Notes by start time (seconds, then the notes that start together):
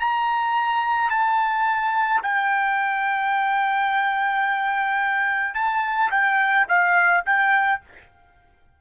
0.00 A#5
1.10 A5
2.23 G5
5.54 A5
6.11 G5
6.68 F5
7.25 G5